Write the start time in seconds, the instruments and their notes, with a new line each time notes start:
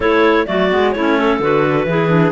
0.00 cello A3, clarinet E4 A4 C#5
0.46 cello F#3, clarinet A3 F#4 D5
0.70 cello G#3, clarinet B3
0.91 cello A3, clarinet E4 C#5
0.99 clarinet C#4
1.17 clarinet A4
1.39 cello D3, clarinet F#4 B4
1.85 cello E3, clarinet E4 G#4
2.08 clarinet D4